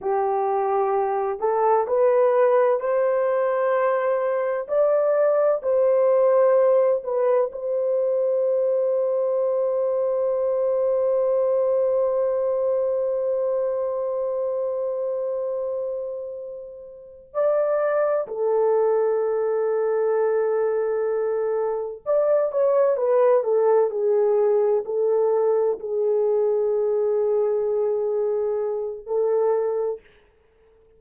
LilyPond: \new Staff \with { instrumentName = "horn" } { \time 4/4 \tempo 4 = 64 g'4. a'8 b'4 c''4~ | c''4 d''4 c''4. b'8 | c''1~ | c''1~ |
c''2~ c''8 d''4 a'8~ | a'2.~ a'8 d''8 | cis''8 b'8 a'8 gis'4 a'4 gis'8~ | gis'2. a'4 | }